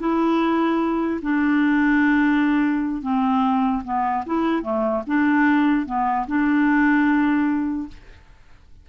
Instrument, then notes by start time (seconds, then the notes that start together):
clarinet
0.00 E4
1.22 D4
3.03 C4
3.85 B3
4.26 E4
4.63 A3
5.07 D4
5.86 B3
6.27 D4